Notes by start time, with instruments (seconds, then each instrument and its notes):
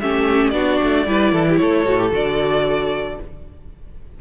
0.00 cello A3, viola C#4, violin G4 E5
0.49 cello B3, viola D4, violin F#4 D5
0.83 cello A3
1.06 cello G3, viola E4, violin B4
1.32 cello E3, violin A4
1.49 violin G4
1.56 cello A3, violin A4 C#5
1.86 cello A2, viola F#4
1.98 viola G4
2.11 cello D3, viola F#4, violin D5